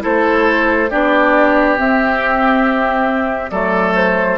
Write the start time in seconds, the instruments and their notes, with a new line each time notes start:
0.00 bassoon A3, clarinet E4, oboe A4, flute C5
0.90 bassoon B3, clarinet D4, oboe G4, flute D5
1.77 clarinet C4, bassoon C4, flute E5
3.50 bassoon F#3, clarinet A3, oboe A4, flute D5
3.95 flute C5